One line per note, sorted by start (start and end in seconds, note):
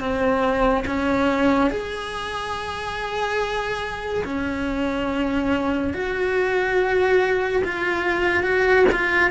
0.00 0.85 C4
0.87 1.71 C#4
1.71 4.24 G#4
4.25 5.94 C#4
5.94 7.63 F#4
7.65 8.44 F4
8.44 8.86 F#4
8.92 9.31 F4